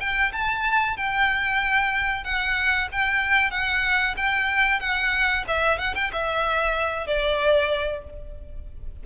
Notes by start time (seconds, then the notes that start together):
0.00 G5
0.33 A5
0.97 G5
2.24 F#5
2.92 G5
3.51 F#5
4.17 G5
4.80 F#5
5.48 E5
5.78 F#5
5.95 G5
6.13 E5
7.07 D5